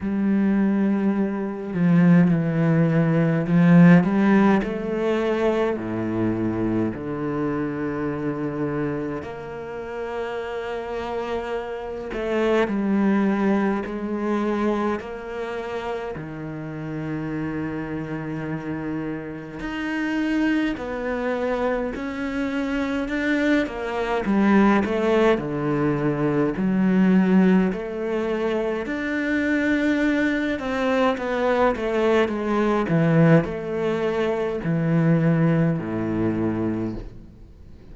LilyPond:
\new Staff \with { instrumentName = "cello" } { \time 4/4 \tempo 4 = 52 g4. f8 e4 f8 g8 | a4 a,4 d2 | ais2~ ais8 a8 g4 | gis4 ais4 dis2~ |
dis4 dis'4 b4 cis'4 | d'8 ais8 g8 a8 d4 fis4 | a4 d'4. c'8 b8 a8 | gis8 e8 a4 e4 a,4 | }